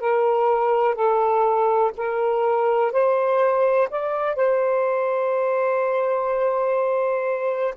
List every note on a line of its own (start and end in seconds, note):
0.00 0.95 A#4
0.95 1.91 A4
1.97 2.92 A#4
2.92 3.89 C5
3.90 4.36 D5
4.36 7.75 C5